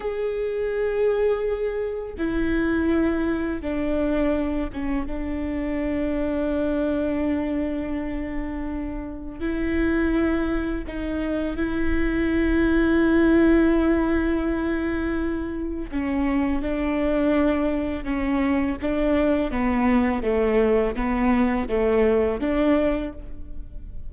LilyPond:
\new Staff \with { instrumentName = "viola" } { \time 4/4 \tempo 4 = 83 gis'2. e'4~ | e'4 d'4. cis'8 d'4~ | d'1~ | d'4 e'2 dis'4 |
e'1~ | e'2 cis'4 d'4~ | d'4 cis'4 d'4 b4 | a4 b4 a4 d'4 | }